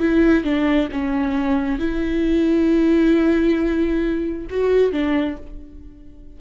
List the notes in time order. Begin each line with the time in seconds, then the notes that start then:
0.00 E4
0.44 D4
0.92 C#4
1.79 E4
4.51 F#4
4.93 D4